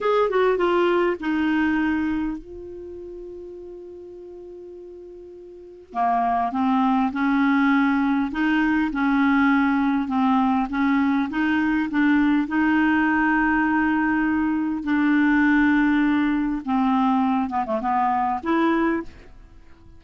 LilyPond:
\new Staff \with { instrumentName = "clarinet" } { \time 4/4 \tempo 4 = 101 gis'8 fis'8 f'4 dis'2 | f'1~ | f'2 ais4 c'4 | cis'2 dis'4 cis'4~ |
cis'4 c'4 cis'4 dis'4 | d'4 dis'2.~ | dis'4 d'2. | c'4. b16 a16 b4 e'4 | }